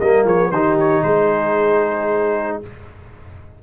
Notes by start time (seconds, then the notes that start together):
0.00 G3 A#3 A#4 D#5
0.25 F3 G#4 C#5
0.51 D#3 D#4 G4 C5
0.80 C#5
1.03 G#3 G#4 C5